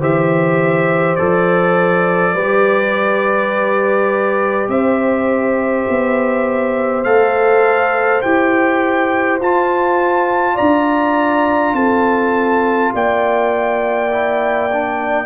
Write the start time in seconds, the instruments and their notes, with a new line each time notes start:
0.00 tuba E3, trombone G4, horn C5, trumpet E5
1.16 tuba F3, trombone A4, trumpet D5
2.34 tuba G3, trombone G4, horn B4
4.68 tuba C4, horn C5, trumpet E5
5.89 tuba B3
7.04 tuba A3, trombone A4, trumpet F5
8.22 tuba E4, trombone G4, trumpet G5
9.40 tuba F4, trombone F4, trumpet A5
10.55 tuba D4, horn D5, trumpet A#5
11.74 tuba C4, horn A4, trumpet A5
12.94 tuba A#3, horn D5, trumpet G5
14.12 trombone E4
14.73 trombone D4